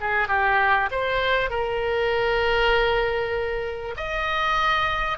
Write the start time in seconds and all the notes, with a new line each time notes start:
0.00 G#4
0.28 G4
0.91 C5
1.49 A#4
3.96 D#5